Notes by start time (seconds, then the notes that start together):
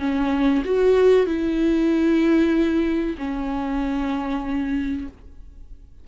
0.00 C#4
0.65 F#4
1.27 E4
3.18 C#4